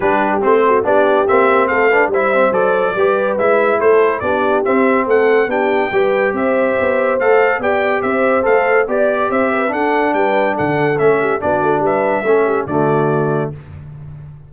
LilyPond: <<
  \new Staff \with { instrumentName = "trumpet" } { \time 4/4 \tempo 4 = 142 b'4 c''4 d''4 e''4 | f''4 e''4 d''2 | e''4 c''4 d''4 e''4 | fis''4 g''2 e''4~ |
e''4 f''4 g''4 e''4 | f''4 d''4 e''4 fis''4 | g''4 fis''4 e''4 d''4 | e''2 d''2 | }
  \new Staff \with { instrumentName = "horn" } { \time 4/4 g'4. fis'8 g'2 | a'8 b'8 c''2 b'4~ | b'4 a'4 g'2 | a'4 g'4 b'4 c''4~ |
c''2 d''4 c''4~ | c''4 d''4 c''8 b'8 a'4 | b'4 a'4. g'8 fis'4 | b'4 a'8 g'8 fis'2 | }
  \new Staff \with { instrumentName = "trombone" } { \time 4/4 d'4 c'4 d'4 c'4~ | c'8 d'8 e'8 c'8 a'4 g'4 | e'2 d'4 c'4~ | c'4 d'4 g'2~ |
g'4 a'4 g'2 | a'4 g'2 d'4~ | d'2 cis'4 d'4~ | d'4 cis'4 a2 | }
  \new Staff \with { instrumentName = "tuba" } { \time 4/4 g4 a4 b4 ais4 | a4 g4 fis4 g4 | gis4 a4 b4 c'4 | a4 b4 g4 c'4 |
b4 a4 b4 c'4 | a4 b4 c'4 d'4 | g4 d4 a4 b8 a8 | g4 a4 d2 | }
>>